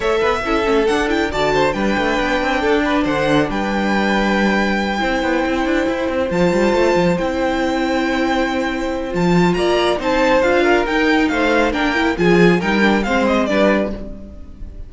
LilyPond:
<<
  \new Staff \with { instrumentName = "violin" } { \time 4/4 \tempo 4 = 138 e''2 fis''8 g''8 a''4 | g''2. fis''4 | g''1~ | g''2~ g''8 a''4.~ |
a''8 g''2.~ g''8~ | g''4 a''4 ais''4 a''4 | f''4 g''4 f''4 g''4 | gis''4 g''4 f''8 dis''8 d''4 | }
  \new Staff \with { instrumentName = "violin" } { \time 4/4 cis''8 b'8 a'2 d''8 c''8 | b'2 a'8 b'8 c''4 | b'2.~ b'8 c''8~ | c''1~ |
c''1~ | c''2 d''4 c''4~ | c''8 ais'4. c''4 ais'4 | gis'4 ais'4 c''4 b'4 | }
  \new Staff \with { instrumentName = "viola" } { \time 4/4 a'4 e'8 cis'8 d'8 e'8 fis'4 | d'1~ | d'2.~ d'8 e'8~ | e'2~ e'8 f'4.~ |
f'8 e'2.~ e'8~ | e'4 f'2 dis'4 | f'4 dis'2 d'8 e'8 | f'4 dis'8 d'8 c'4 d'4 | }
  \new Staff \with { instrumentName = "cello" } { \time 4/4 a8 b8 cis'8 a8 d'4 d4 | g8 a8 b8 c'8 d'4 d4 | g2.~ g8 c'8 | b8 c'8 d'8 e'8 c'8 f8 g8 a8 |
f8 c'2.~ c'8~ | c'4 f4 ais4 c'4 | d'4 dis'4 a4 ais4 | f4 g4 gis4 g4 | }
>>